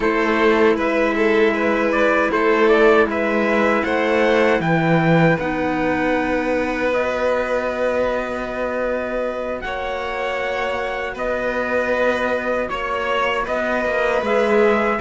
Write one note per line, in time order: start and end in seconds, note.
0.00 0.75 A3
0.00 5.38 E4
0.00 0.75 A4
0.00 0.79 C5
0.75 2.29 G#3
0.75 1.14 B4
0.75 1.91 E5
1.16 1.53 A4
1.53 2.30 B4
1.91 2.30 D5
2.30 3.05 A3
2.30 3.07 A4
2.30 2.68 C5
2.68 3.07 D5
3.05 3.82 G#3
3.05 3.84 B4
3.05 3.83 E5
3.83 4.60 A3
3.83 4.61 C5
3.83 4.60 F#5
4.60 5.37 E3
4.60 9.61 B4
4.60 5.38 G5
5.39 9.63 B3
5.39 6.92 D#4
5.39 6.92 F#5
6.92 14.23 F#4
6.92 9.61 D#5
9.61 11.15 A#3
9.61 11.14 C#5
9.61 11.15 F#5
11.14 12.69 B3
11.14 12.67 B4
11.14 12.68 D#5
12.68 13.47 A#3
12.68 13.45 C#5
12.68 13.43 C#5
13.43 13.85 B3
13.43 14.97 B4
13.43 14.24 D#5
13.85 14.22 A#3
14.22 14.99 G#3
14.22 15.00 G#4
14.22 15.00 E5